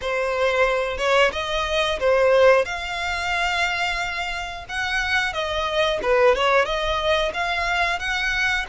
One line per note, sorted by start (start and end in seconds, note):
0.01 0.97 C5
0.97 1.31 C#5
1.32 1.98 D#5
1.99 2.65 C5
2.65 4.65 F5
4.68 5.33 F#5
5.33 5.99 D#5
6.02 6.35 B4
6.35 6.65 C#5
6.65 7.32 D#5
7.33 7.98 F5
7.98 8.65 F#5